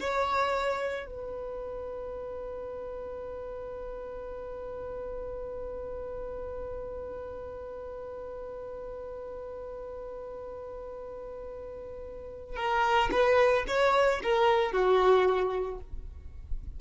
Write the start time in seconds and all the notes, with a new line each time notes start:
0.00 C#5
1.07 B4
12.56 A#4
13.12 B4
13.68 C#5
14.24 A#4
14.73 F#4